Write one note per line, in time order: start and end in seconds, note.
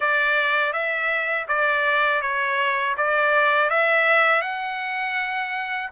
0.00 0.72 D5
0.72 1.46 E5
1.48 2.21 D5
2.21 2.95 C#5
2.97 3.70 D5
3.70 4.41 E5
4.41 5.90 F#5